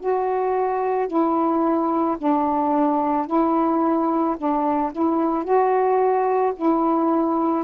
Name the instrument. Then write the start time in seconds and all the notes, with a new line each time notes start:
saxophone
0.00 F#4
1.08 E4
2.18 D4
3.27 E4
4.38 D4
4.93 E4
5.44 F#4
6.56 E4